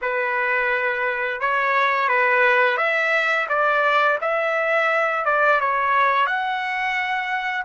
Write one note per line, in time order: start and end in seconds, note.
0.01 1.40 B4
1.40 2.08 C#5
2.08 2.77 B4
2.77 3.47 E5
3.48 4.18 D5
4.21 5.25 E5
5.25 5.60 D5
5.60 6.26 C#5
6.26 7.64 F#5